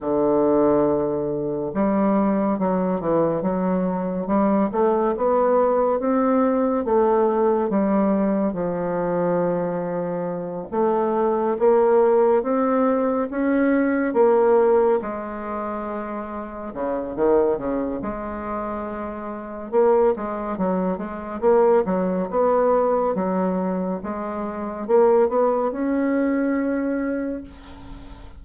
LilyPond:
\new Staff \with { instrumentName = "bassoon" } { \time 4/4 \tempo 4 = 70 d2 g4 fis8 e8 | fis4 g8 a8 b4 c'4 | a4 g4 f2~ | f8 a4 ais4 c'4 cis'8~ |
cis'8 ais4 gis2 cis8 | dis8 cis8 gis2 ais8 gis8 | fis8 gis8 ais8 fis8 b4 fis4 | gis4 ais8 b8 cis'2 | }